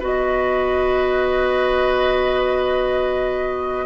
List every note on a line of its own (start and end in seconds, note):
0.00 3.86 B3
0.00 3.86 F#4
0.00 3.86 B4
0.00 3.86 D#5